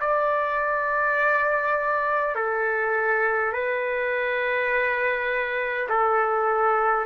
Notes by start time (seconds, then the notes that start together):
0.00 D5
2.35 A4
3.53 B4
5.89 A4